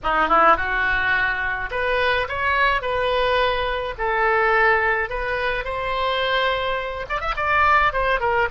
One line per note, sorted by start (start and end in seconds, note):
0.03 0.28 D#4
0.28 0.56 E4
0.57 1.70 F#4
1.70 2.27 B4
2.28 2.81 C#5
2.81 3.95 B4
3.98 5.09 A4
5.09 5.64 B4
5.64 7.05 C5
7.09 7.20 D5
7.20 7.34 E5
7.36 7.92 D5
7.92 8.19 C5
8.19 8.48 A#4